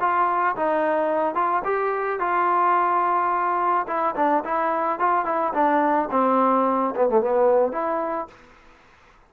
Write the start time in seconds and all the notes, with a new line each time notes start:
0.00 F4
0.56 D#4
1.35 F4
1.64 G4
2.19 F4
3.87 E4
4.16 D4
4.44 E4
4.99 F4
5.25 E4
5.53 D4
6.11 C4
6.96 B3
7.09 A3
7.21 B3
7.72 E4